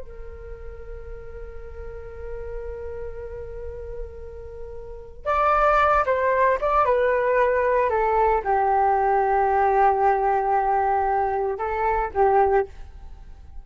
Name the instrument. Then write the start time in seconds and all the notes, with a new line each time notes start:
flute
0.00 A#4
5.26 D5
6.06 C5
6.61 D5
6.85 B4
7.90 A4
8.44 G4
11.59 A4
12.14 G4